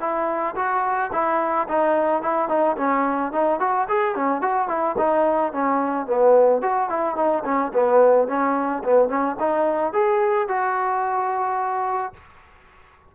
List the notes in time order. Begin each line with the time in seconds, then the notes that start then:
0.00 E4
0.55 F#4
1.12 E4
1.68 D#4
2.22 E4
2.48 D#4
2.77 C#4
3.32 D#4
3.60 F#4
3.89 G#4
4.15 C#4
4.41 F#4
4.68 E4
4.98 D#4
5.53 C#4
6.07 B3
6.62 F#4
6.90 E4
7.16 D#4
7.45 C#4
7.73 B3
8.28 C#4
8.84 B3
9.09 C#4
9.39 D#4
9.93 G#4
10.48 F#4